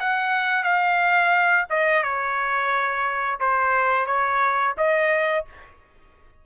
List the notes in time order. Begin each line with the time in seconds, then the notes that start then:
0.00 F#5
0.64 F5
1.70 D#5
2.04 C#5
3.40 C5
4.06 C#5
4.78 D#5